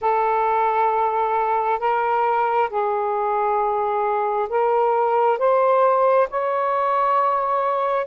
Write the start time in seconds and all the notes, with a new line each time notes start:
0.01 A4
1.79 A#4
2.69 G#4
4.49 A#4
5.38 C5
6.29 C#5